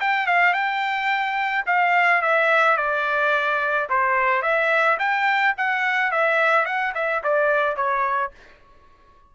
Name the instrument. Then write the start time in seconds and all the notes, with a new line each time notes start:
trumpet
0.00 G5
0.27 F5
0.53 G5
1.66 F5
2.22 E5
2.77 D5
3.89 C5
4.42 E5
4.99 G5
5.57 F#5
6.11 E5
6.65 F#5
6.94 E5
7.23 D5
7.76 C#5